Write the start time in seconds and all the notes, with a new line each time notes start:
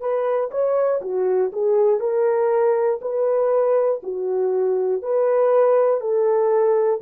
0.00 B4
0.51 C#5
1.01 F#4
1.53 G#4
2.00 A#4
3.01 B4
4.03 F#4
5.02 B4
6.00 A4